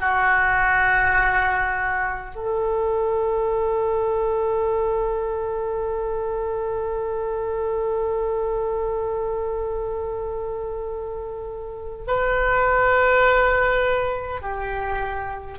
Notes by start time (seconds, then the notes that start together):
0.00 F#4
2.35 A4
12.07 B4
14.42 G4